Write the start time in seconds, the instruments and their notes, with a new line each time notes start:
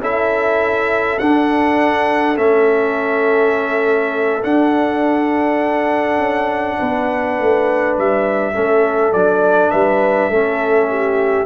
0.00 tuba C#4, trombone E4, horn A4, trumpet E5
1.19 trombone D4, tuba D4, trumpet F#5
2.37 tuba A3, trombone C#4, trumpet E5
4.43 trombone D4, tuba D4, trumpet F#5
6.18 tuba C#4
6.79 tuba B3, horn B4
7.39 tuba A3
7.99 tuba G3, trumpet E5
8.54 tuba A3, trombone C#4, horn A4
9.13 tuba F#3, trombone D4, trumpet D5
9.71 tuba G3, horn B4, trumpet E5
10.30 tuba A3, trombone C#4, horn A4
10.90 horn G4